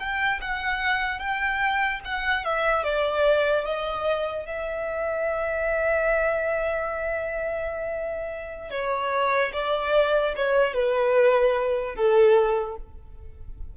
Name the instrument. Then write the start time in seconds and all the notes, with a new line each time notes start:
violin
0.00 G5
0.41 F#5
1.19 G5
2.05 F#5
2.45 E5
2.84 D5
3.65 D#5
4.46 E5
8.71 C#5
9.53 D5
10.36 C#5
10.74 B4
11.96 A4